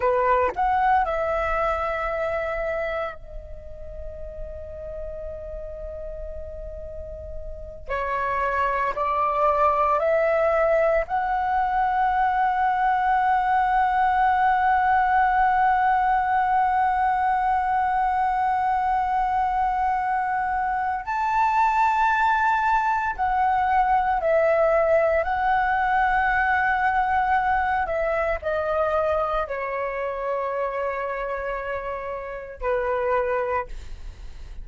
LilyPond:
\new Staff \with { instrumentName = "flute" } { \time 4/4 \tempo 4 = 57 b'8 fis''8 e''2 dis''4~ | dis''2.~ dis''8 cis''8~ | cis''8 d''4 e''4 fis''4.~ | fis''1~ |
fis''1 | a''2 fis''4 e''4 | fis''2~ fis''8 e''8 dis''4 | cis''2. b'4 | }